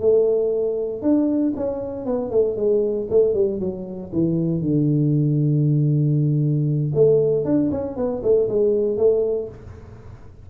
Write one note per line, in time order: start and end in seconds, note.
0.00 1.02 A3
1.02 1.53 D4
1.56 2.06 C#4
2.06 2.31 B3
2.31 2.56 A3
2.56 3.07 G#3
3.10 3.34 A3
3.34 3.59 G3
3.59 4.11 F#3
4.12 4.61 E3
4.61 6.92 D3
6.94 7.45 A3
7.45 7.70 D4
7.71 7.96 C#4
7.96 8.22 B3
8.23 8.48 A3
8.48 8.97 G#3
8.97 9.48 A3